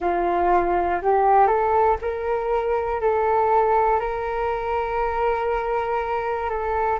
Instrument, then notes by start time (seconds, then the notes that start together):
flute
0.00 F4
1.02 G4
1.47 A4
2.01 A#4
3.00 A4
4.00 A#4
6.50 A4